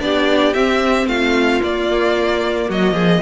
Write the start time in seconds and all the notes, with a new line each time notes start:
0.00 B3 D4 G4 D5
0.54 C4 E5
1.07 A3 F4 F5
1.63 A#3 D5
2.69 F#3 F#4 D#5
2.93 F3 G#4